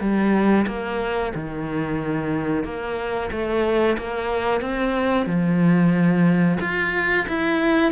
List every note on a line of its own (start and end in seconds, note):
0.00 0.66 G3
0.67 1.33 A#3
1.35 2.64 D#3
2.64 3.30 A#3
3.31 3.97 A3
3.98 4.61 A#3
4.61 5.26 C4
5.26 6.58 F3
6.61 7.26 F4
7.28 7.92 E4